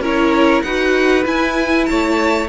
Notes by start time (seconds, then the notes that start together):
0.00 C#4 E4 A#4 C#5
0.62 D#4 F#4 B4 F#5
1.24 E4 G#5
1.86 A3 C#5 A5